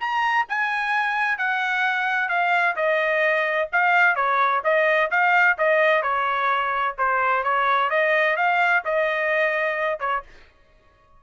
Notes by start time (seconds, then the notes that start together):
0.00 A#5
0.49 G#5
1.38 F#5
2.29 F5
2.76 D#5
3.72 F5
4.15 C#5
4.64 D#5
5.11 F5
5.58 D#5
6.03 C#5
6.98 C5
7.44 C#5
7.90 D#5
8.37 F5
8.85 D#5
10.00 C#5